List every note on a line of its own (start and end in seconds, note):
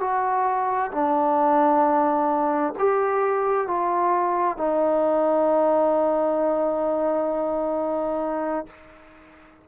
0.00 0.91 F#4
0.92 2.74 D4
2.79 3.67 G4
3.67 4.57 F4
4.57 8.67 D#4